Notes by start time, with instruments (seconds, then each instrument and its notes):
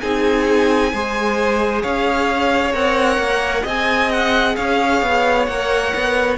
0.00 cello C4, viola D#4, violin G#4 G#5
0.93 cello G#3, viola G#4, violin C5
1.82 cello C#4, violin C#5 F5
2.73 cello C4, viola A#4, violin F#5
3.17 cello A#3
3.63 cello C4, viola G#4, violin D#5 G#5
4.11 violin F#5
4.56 cello C#4, violin C#5 F5
5.02 cello B3
5.46 cello A#3, viola A#4, violin F#5
5.95 cello B3